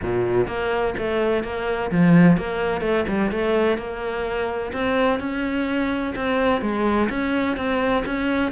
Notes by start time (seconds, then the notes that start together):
0.02 A#2
0.47 A#3
0.98 A3
1.43 A#3
1.91 F3
2.37 A#3
2.81 A3
3.08 G3
3.31 A3
3.77 A#3
4.72 C4
5.19 C#4
6.15 C4
6.61 G#3
7.09 C#4
7.56 C4
8.05 C#4